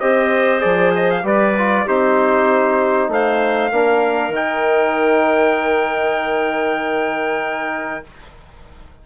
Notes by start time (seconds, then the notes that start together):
0.00 C4 G4 C5 D#5
0.60 F3 G#4 D5
0.95 D#5
1.11 F5
1.24 G3 G4 B4 D5
1.58 F4
1.86 C4 D#4 G4 C5
3.09 A3 C5 F5
3.72 A#3 D4 A#4
4.29 D#3 D#4
4.35 G5